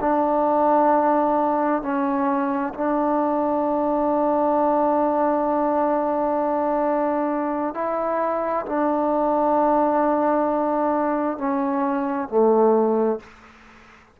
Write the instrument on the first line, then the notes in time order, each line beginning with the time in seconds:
trombone
0.00 D4
1.82 C#4
2.74 D4
7.74 E4
8.65 D4
11.37 C#4
12.29 A3